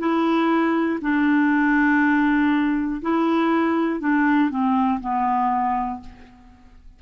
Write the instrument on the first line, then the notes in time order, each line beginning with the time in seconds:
clarinet
0.00 E4
1.02 D4
3.02 E4
4.01 D4
4.50 C4
5.01 B3